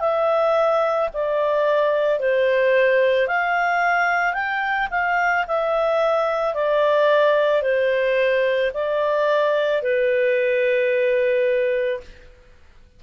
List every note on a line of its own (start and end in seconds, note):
0.00 1.09 E5
1.14 2.20 D5
2.20 3.28 C5
3.28 4.33 F5
4.33 4.88 G5
4.91 5.45 F5
5.48 6.55 E5
6.55 7.62 D5
7.62 8.71 C5
8.74 9.82 D5
9.82 12.00 B4